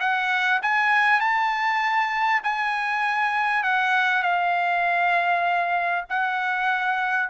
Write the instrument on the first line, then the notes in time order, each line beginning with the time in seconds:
trumpet
0.00 F#5
0.63 G#5
1.21 A5
2.44 G#5
3.64 F#5
4.23 F5
6.10 F#5